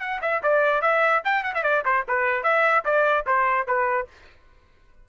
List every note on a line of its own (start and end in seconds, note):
0.00 0.20 F#5
0.22 0.42 E5
0.43 0.81 D5
0.81 1.22 E5
1.24 1.44 G5
1.44 1.54 F#5
1.55 1.63 E5
1.63 1.84 D5
1.85 2.05 C5
2.08 2.43 B4
2.43 2.84 E5
2.85 3.25 D5
3.27 3.67 C5
3.67 4.08 B4